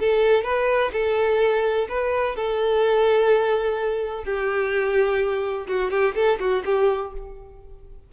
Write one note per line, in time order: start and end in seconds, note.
0.00 0.44 A4
0.44 0.92 B4
0.93 1.88 A4
1.89 2.36 B4
2.36 4.24 A4
4.24 5.67 G4
5.68 5.91 F#4
5.91 6.15 G4
6.16 6.39 A4
6.40 6.64 F#4
6.65 7.13 G4